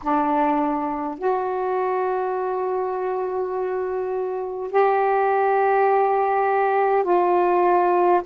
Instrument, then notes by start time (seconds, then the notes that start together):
saxophone
0.02 D4
1.18 F#4
4.71 G4
7.03 F4